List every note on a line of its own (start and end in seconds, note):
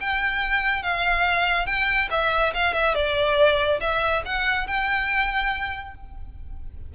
0.00 0.82 G5
0.82 1.66 F5
1.66 2.09 G5
2.10 2.53 E5
2.54 2.73 F5
2.73 2.94 E5
2.95 3.80 D5
3.80 4.23 E5
4.25 4.67 F#5
4.67 5.94 G5